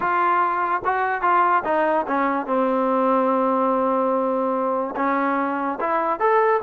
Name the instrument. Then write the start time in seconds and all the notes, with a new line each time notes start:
trombone
0.00 F4
0.84 F#4
1.21 F4
1.64 D#4
2.07 C#4
2.46 C4
4.96 C#4
5.80 E4
6.19 A4